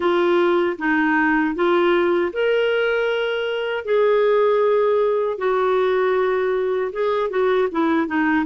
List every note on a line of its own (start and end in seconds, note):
0.00 0.77 F4
0.78 1.55 D#4
1.55 2.32 F4
2.33 3.84 A#4
3.84 5.37 G#4
5.37 6.91 F#4
6.92 7.30 G#4
7.30 7.68 F#4
7.71 8.07 E4
8.07 8.45 D#4